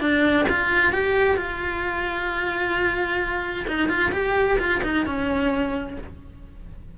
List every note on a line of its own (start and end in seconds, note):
0.00 0.46 D4
0.48 0.92 F4
0.92 1.36 G4
1.36 3.65 F4
3.67 3.88 D#4
3.88 4.11 F4
4.12 4.57 G4
4.58 4.81 F4
4.83 5.05 D#4
5.06 5.97 C#4